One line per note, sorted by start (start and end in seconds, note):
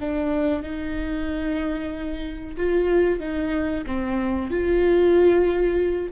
0.00 0.62 D4
0.62 2.56 D#4
2.57 3.20 F4
3.20 3.84 D#4
3.86 4.50 C4
4.50 6.11 F4